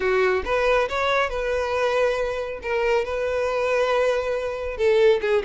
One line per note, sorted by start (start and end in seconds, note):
0.00 0.43 F#4
0.44 0.88 B4
0.88 1.29 C#5
1.29 2.60 B4
2.62 3.04 A#4
3.04 4.77 B4
4.77 5.20 A4
5.21 5.42 G#4